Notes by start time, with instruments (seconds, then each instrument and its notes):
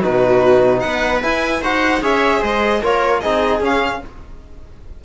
0.00 cello B2, trombone D#4, viola F#4, violin B4
0.80 cello B3, viola B4, violin F#5
1.22 trombone E4, cello E4, violin G#5
1.62 cello D#4, trombone F#4, viola C5, violin F#5
2.02 cello C#4, trombone G#4, viola C#5, violin E5
2.41 cello G#3, viola C5, violin D#5
2.82 cello A#3, trombone F4, viola A#4, violin C#5
3.21 cello C4, trombone D#4, viola G#4, violin D#5
3.61 cello C#4, trombone C#4, violin F5